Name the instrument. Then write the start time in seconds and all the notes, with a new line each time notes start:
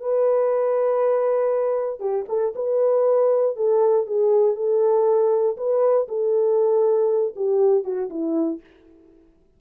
horn
0.00 B4
1.99 G4
2.28 A4
2.55 B4
3.56 A4
4.06 G#4
4.55 A4
5.56 B4
6.08 A4
7.35 G4
7.84 F#4
8.09 E4